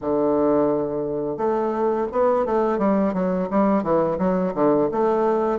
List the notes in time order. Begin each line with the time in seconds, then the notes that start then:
0.01 D3
1.37 A3
2.12 B3
2.45 A3
2.78 G3
3.13 F#3
3.50 G3
3.83 E3
4.18 F#3
4.54 D3
4.91 A3